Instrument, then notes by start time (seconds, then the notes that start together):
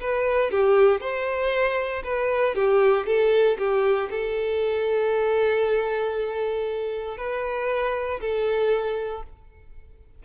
violin
0.00 B4
0.51 G4
1.00 C5
2.03 B4
2.55 G4
3.06 A4
3.58 G4
4.10 A4
7.17 B4
8.20 A4